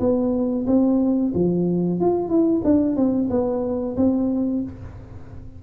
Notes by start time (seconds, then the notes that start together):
0.00 B3
0.67 C4
1.34 F3
2.00 F4
2.29 E4
2.64 D4
2.96 C4
3.30 B3
3.97 C4